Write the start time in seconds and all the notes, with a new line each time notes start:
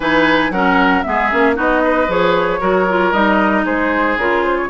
0.00 E3 D#4 B4 G#5
0.50 F#3 C#4 A#4 F#5
1.02 G#3 B3 G#4 E5
1.31 A#3 C#4
1.54 B3 D#4 F#4 D#5
1.84 B4
2.08 F3 G#4 C#5
2.59 F#3 F#4 A#4
2.88 F4
3.12 G3 D#4 D#5
3.65 G#3 G#4 C5
4.16 C#3 F4 A#4
4.44 C5
4.56 C#5